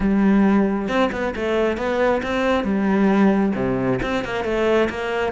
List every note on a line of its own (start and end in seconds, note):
0.00 0.88 G3
0.88 1.10 C4
1.12 1.34 B3
1.35 1.77 A3
1.77 2.21 B3
2.22 2.63 C4
2.63 3.52 G3
3.55 3.99 C3
4.02 4.24 C4
4.24 4.44 A#3
4.44 4.88 A3
4.89 5.32 A#3